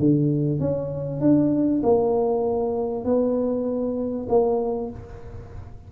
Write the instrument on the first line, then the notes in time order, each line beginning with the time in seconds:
tuba
0.00 D3
0.60 C#4
1.21 D4
1.83 A#3
3.05 B3
4.29 A#3